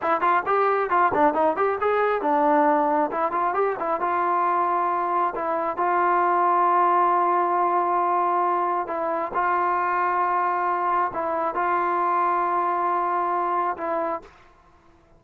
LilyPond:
\new Staff \with { instrumentName = "trombone" } { \time 4/4 \tempo 4 = 135 e'8 f'8 g'4 f'8 d'8 dis'8 g'8 | gis'4 d'2 e'8 f'8 | g'8 e'8 f'2. | e'4 f'2.~ |
f'1 | e'4 f'2.~ | f'4 e'4 f'2~ | f'2. e'4 | }